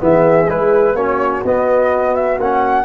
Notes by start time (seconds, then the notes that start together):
0.00 E3 B3 G#4 E5
0.48 G#3 E4 B4
0.94 A#3 C#4 F#4 C#5
1.45 B3 D#5
2.15 E5
2.38 A#3 C#4 F#5